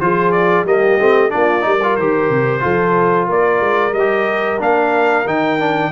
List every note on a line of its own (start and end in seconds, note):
0.00 0.64 F3
0.00 0.66 F4
0.00 0.67 G#4
0.00 0.32 C5
0.32 0.65 D5
0.64 0.97 G3
0.64 0.99 A#3
0.64 1.33 G4
0.64 1.31 D#5
0.99 1.32 A3
0.99 1.30 C4
1.30 1.66 A#3
1.30 1.61 D4
1.30 1.66 F4
1.30 1.96 D5
1.61 1.98 G3
1.61 1.78 D#4
1.61 2.63 A#4
1.83 1.99 F4
1.96 2.30 D#3
1.96 2.60 G4
1.96 3.28 C5
2.30 2.63 C3
2.60 3.30 F3
2.60 3.92 F4
2.60 3.27 A4
3.27 3.60 A#3
3.27 5.91 A#4
3.27 3.94 D5
3.60 3.93 G#3
3.93 4.59 G3
3.93 4.60 D#5
3.99 4.59 G4
4.59 5.26 A#3
4.59 5.25 D4
4.59 5.28 F5
5.26 5.92 D#3
5.26 5.59 D#4
5.26 5.92 G5
5.59 5.92 D4